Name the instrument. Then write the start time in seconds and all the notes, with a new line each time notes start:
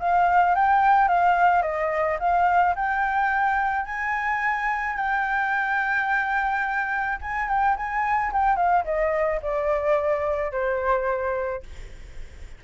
flute
0.00 F5
0.55 G5
1.09 F5
1.63 D#5
2.20 F5
2.76 G5
3.86 G#5
4.97 G5
7.22 G#5
7.49 G5
7.77 G#5
8.33 G5
8.57 F5
8.85 D#5
9.43 D5
10.52 C5